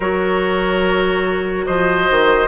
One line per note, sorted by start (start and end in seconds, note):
0.00 1.67 F#3
0.00 2.48 F#4
0.00 1.65 A#4
0.00 1.66 C#5
1.66 2.09 F3
1.66 2.48 C5
1.66 2.48 D#5
2.10 2.48 D#3